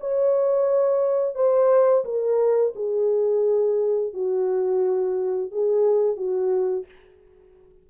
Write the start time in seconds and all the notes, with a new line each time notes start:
0.00 C#5
1.35 C5
2.04 A#4
2.75 G#4
4.13 F#4
5.51 G#4
6.16 F#4